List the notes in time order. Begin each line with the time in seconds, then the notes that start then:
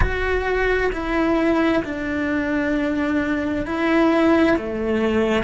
0.00 F#4
0.92 E4
1.84 D4
3.66 E4
4.57 A3